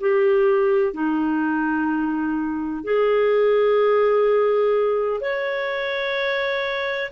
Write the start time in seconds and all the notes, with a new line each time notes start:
0.00 G4
0.93 D#4
2.84 G#4
5.20 C#5